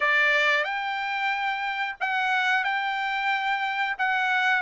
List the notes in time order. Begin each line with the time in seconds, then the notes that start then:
0.00 D5
0.64 G5
2.00 F#5
2.64 G5
3.98 F#5